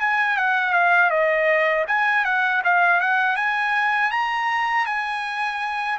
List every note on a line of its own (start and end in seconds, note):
0.00 0.37 G#5
0.37 0.73 F#5
0.73 1.10 F5
1.10 1.85 D#5
1.88 2.25 G#5
2.25 2.62 F#5
2.65 3.01 F5
3.01 3.36 F#5
3.36 4.11 G#5
4.11 4.86 A#5
4.86 5.98 G#5